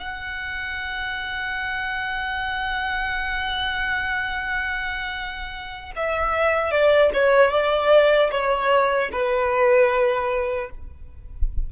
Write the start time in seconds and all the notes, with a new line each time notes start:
0.00 F#5
5.96 E5
6.71 D5
7.14 C#5
7.51 D5
8.31 C#5
9.13 B4